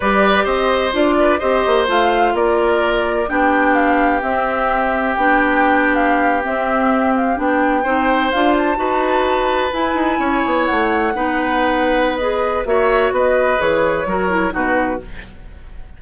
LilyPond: <<
  \new Staff \with { instrumentName = "flute" } { \time 4/4 \tempo 4 = 128 d''4 dis''4 d''4 dis''4 | f''4 d''2 g''4 | f''4 e''2 g''4~ | g''8. f''4 e''4. f''8 g''16~ |
g''4.~ g''16 f''8 a''4.~ a''16~ | a''8. gis''2 fis''4~ fis''16~ | fis''2 dis''4 e''4 | dis''4 cis''2 b'4 | }
  \new Staff \with { instrumentName = "oboe" } { \time 4/4 b'4 c''4. b'8 c''4~ | c''4 ais'2 g'4~ | g'1~ | g'1~ |
g'8. c''2 b'4~ b'16~ | b'4.~ b'16 cis''2 b'16~ | b'2. cis''4 | b'2 ais'4 fis'4 | }
  \new Staff \with { instrumentName = "clarinet" } { \time 4/4 g'2 f'4 g'4 | f'2. d'4~ | d'4 c'2 d'4~ | d'4.~ d'16 c'2 d'16~ |
d'8. dis'4 f'4 fis'4~ fis'16~ | fis'8. e'2. dis'16~ | dis'2 gis'4 fis'4~ | fis'4 gis'4 fis'8 e'8 dis'4 | }
  \new Staff \with { instrumentName = "bassoon" } { \time 4/4 g4 c'4 d'4 c'8 ais8 | a4 ais2 b4~ | b4 c'2 b4~ | b4.~ b16 c'2 b16~ |
b8. c'4 d'4 dis'4~ dis'16~ | dis'8. e'8 dis'8 cis'8 b8 a4 b16~ | b2. ais4 | b4 e4 fis4 b,4 | }
>>